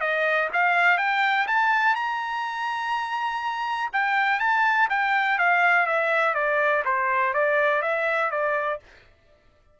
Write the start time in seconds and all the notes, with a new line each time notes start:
0.00 D#5
0.53 F5
0.97 G5
1.47 A5
1.95 A#5
3.93 G5
4.39 A5
4.89 G5
5.38 F5
5.86 E5
6.34 D5
6.85 C5
7.33 D5
7.82 E5
8.31 D5